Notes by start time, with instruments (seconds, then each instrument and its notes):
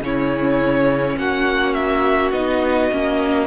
0.00 cello C#3, viola C#4, violin E4 C#5
1.17 cello A#3, violin F#4 F#5
1.73 violin E5
2.31 cello B3, viola D#4, violin D#5
2.92 cello A#3, viola C#4